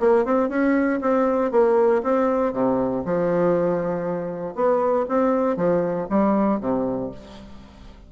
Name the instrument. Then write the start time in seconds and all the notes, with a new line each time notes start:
bassoon
0.00 A#3
0.25 C4
0.50 C#4
1.01 C4
1.52 A#3
2.03 C4
2.53 C3
3.06 F3
4.56 B3
5.09 C4
5.57 F3
6.10 G3
6.61 C3